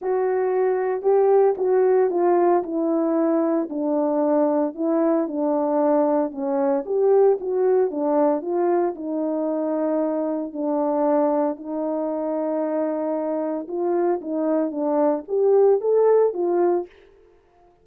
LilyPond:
\new Staff \with { instrumentName = "horn" } { \time 4/4 \tempo 4 = 114 fis'2 g'4 fis'4 | f'4 e'2 d'4~ | d'4 e'4 d'2 | cis'4 g'4 fis'4 d'4 |
f'4 dis'2. | d'2 dis'2~ | dis'2 f'4 dis'4 | d'4 g'4 a'4 f'4 | }